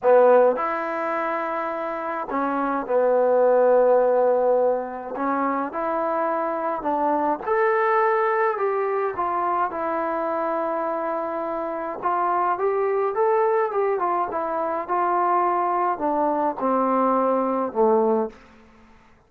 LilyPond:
\new Staff \with { instrumentName = "trombone" } { \time 4/4 \tempo 4 = 105 b4 e'2. | cis'4 b2.~ | b4 cis'4 e'2 | d'4 a'2 g'4 |
f'4 e'2.~ | e'4 f'4 g'4 a'4 | g'8 f'8 e'4 f'2 | d'4 c'2 a4 | }